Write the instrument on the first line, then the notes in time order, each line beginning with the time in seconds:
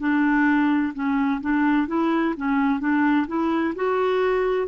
clarinet
0.00 D4
0.94 C#4
1.41 D4
1.88 E4
2.37 C#4
2.80 D4
3.28 E4
3.76 F#4